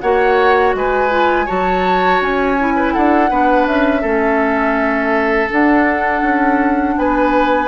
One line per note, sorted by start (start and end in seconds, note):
0.00 0.74 A#3
0.00 1.09 F#4
0.00 0.76 C#5
0.00 0.73 F#5
0.74 1.47 G#3
0.74 1.46 B4
0.74 1.47 G#5
1.09 1.46 F4
1.46 2.20 F#3
1.46 2.56 F#4
1.46 2.74 C#5
1.46 2.20 A5
2.20 2.93 C#4
2.20 2.93 G#5
2.59 3.29 E4
2.76 2.93 B4
2.93 3.30 D4
2.93 3.30 A4
2.93 3.66 F#5
3.29 3.66 B3
3.29 4.02 D4
3.29 4.01 B4
3.66 4.03 C#4
3.66 5.50 E5
4.01 5.49 A3
4.01 5.49 C#4
4.01 6.94 A4
5.49 7.68 D4
5.49 6.22 D4
5.49 6.98 F#5
6.22 6.95 C#4
6.97 7.68 B3
6.97 7.68 B4
6.97 7.68 G#5